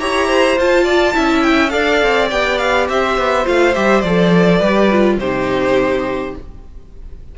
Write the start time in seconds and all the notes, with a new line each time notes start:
0.00 E4 G4 C#5 A#5
0.28 C5
0.58 F4 A5
0.84 D5
1.14 C#4 E4 E5
1.43 G5
1.70 D4 A4 D5 F5
2.03 C4
2.31 B3 G4 G5
2.58 F5
2.89 C4 C5 E5
3.18 B3
3.45 A3 F4 F5
3.75 G3 G4 E5
4.02 F3 A4 D5
4.59 G3 G4 B4
4.91 F4
5.18 C3 D#4 G4 C5